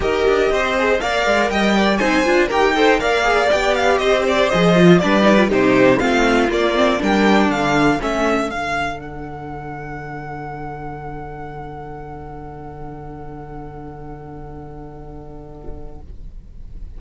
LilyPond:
<<
  \new Staff \with { instrumentName = "violin" } { \time 4/4 \tempo 4 = 120 dis''2 f''4 g''4 | gis''4 g''4 f''4 g''8 f''8 | dis''8 d''8 dis''4 d''4 c''4 | f''4 d''4 g''4 f''4 |
e''4 f''4 fis''2~ | fis''1~ | fis''1~ | fis''1 | }
  \new Staff \with { instrumentName = "violin" } { \time 4/4 ais'4 c''4 d''4 dis''8 d''8 | c''4 ais'8 c''8 d''2 | c''2 b'4 g'4 | f'2 ais'4 a'4~ |
a'1~ | a'1~ | a'1~ | a'1 | }
  \new Staff \with { instrumentName = "viola" } { \time 4/4 g'4. gis'8 ais'2 | dis'8 f'8 g'8 a'8 ais'8 gis'8 g'4~ | g'4 gis'8 f'8 d'8 dis'16 f'16 dis'4 | c'4 ais8 c'8 d'2 |
cis'4 d'2.~ | d'1~ | d'1~ | d'1 | }
  \new Staff \with { instrumentName = "cello" } { \time 4/4 dis'8 d'8 c'4 ais8 gis8 g4 | c'8 d'8 dis'4 ais4 b4 | c'4 f4 g4 c4 | a4 ais4 g4 d4 |
a4 d2.~ | d1~ | d1~ | d1 | }
>>